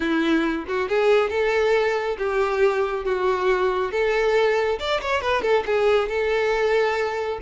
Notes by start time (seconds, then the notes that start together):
0.00 E4
0.67 F#4
0.89 G#4
1.30 A4
2.18 G4
3.05 F#4
3.91 A4
4.79 D5
5.01 C#5
5.21 B4
5.42 A4
5.66 G#4
6.08 A4